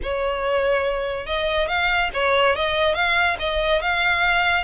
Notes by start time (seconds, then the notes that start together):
0.02 C#5
1.26 D#5
1.68 F5
2.13 C#5
2.55 D#5
2.94 F5
3.39 D#5
3.81 F5